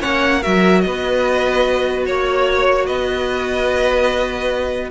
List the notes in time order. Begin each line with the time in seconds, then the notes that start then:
0.00 A#3 C#4 C#5 F#5
0.42 F#3 F#4 A#4 E5
0.81 B3 B4 D#5
2.06 A#3 C#5
2.86 B3 B4 D#5